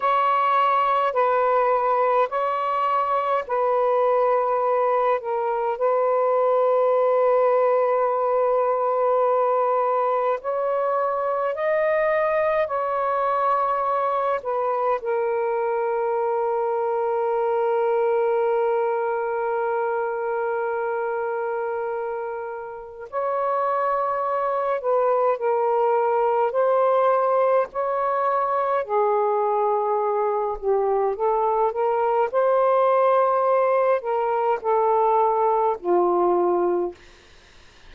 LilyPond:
\new Staff \with { instrumentName = "saxophone" } { \time 4/4 \tempo 4 = 52 cis''4 b'4 cis''4 b'4~ | b'8 ais'8 b'2.~ | b'4 cis''4 dis''4 cis''4~ | cis''8 b'8 ais'2.~ |
ais'1 | cis''4. b'8 ais'4 c''4 | cis''4 gis'4. g'8 a'8 ais'8 | c''4. ais'8 a'4 f'4 | }